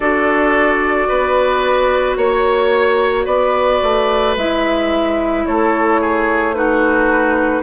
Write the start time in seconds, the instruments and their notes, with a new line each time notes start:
0.00 bassoon D4, clarinet F#4, oboe A4, flute D5
1.08 bassoon B3, oboe B4
2.16 bassoon A#3, flute C#5, oboe C#5
3.25 bassoon B3, oboe B4, flute D5
3.82 bassoon A3
4.36 bassoon G#3, clarinet E4, flute E5
5.45 bassoon A3, oboe A4, flute C#5
6.00 oboe G#4
6.54 clarinet D#4, oboe F#4, flute B4